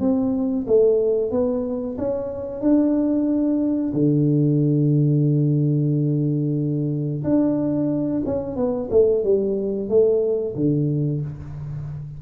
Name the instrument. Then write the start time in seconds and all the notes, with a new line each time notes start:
tuba
0.00 C4
0.67 A3
1.31 B3
1.98 C#4
2.61 D4
3.94 D3
7.24 D4
8.26 C#4
8.56 B3
8.91 A3
9.24 G3
9.89 A3
10.56 D3